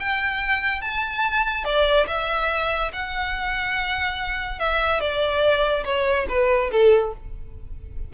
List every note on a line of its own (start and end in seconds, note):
0.00 0.81 G5
0.81 1.65 A5
1.65 2.07 D5
2.08 2.91 E5
2.93 4.59 F#5
4.59 5.00 E5
5.00 5.84 D5
5.85 6.27 C#5
6.29 6.71 B4
6.71 7.13 A4